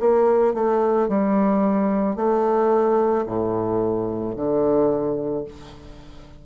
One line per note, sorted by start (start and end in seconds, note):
0.00 0.54 A#3
0.54 1.08 A3
1.08 2.16 G3
2.16 3.25 A3
3.26 4.35 A2
4.36 5.45 D3